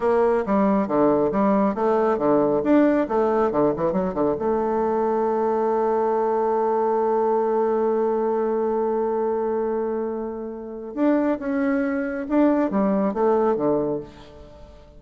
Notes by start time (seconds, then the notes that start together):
0.00 A#3
0.45 G3
0.87 D3
1.31 G3
1.75 A3
2.18 D3
2.63 D4
3.08 A3
3.51 D3
3.76 E3
3.92 F#3
4.13 D3
4.38 A3
10.94 D4
11.39 C#4
12.28 D4
12.70 G3
13.13 A3
13.56 D3